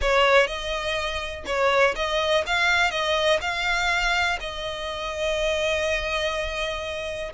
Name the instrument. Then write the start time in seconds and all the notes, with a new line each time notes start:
violin
0.01 C#5
0.46 D#5
1.45 C#5
1.95 D#5
2.46 F5
2.90 D#5
3.41 F5
4.40 D#5